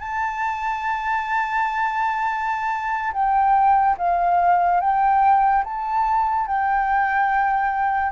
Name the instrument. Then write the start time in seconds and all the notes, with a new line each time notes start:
flute
0.00 A5
3.13 G5
3.98 F5
4.81 G5
5.64 A5
6.47 G5